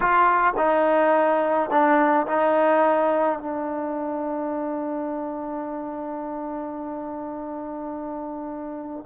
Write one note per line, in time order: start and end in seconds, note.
0.00 0.54 F4
0.57 1.70 D#4
1.70 2.26 D4
2.26 3.39 D#4
3.39 9.05 D4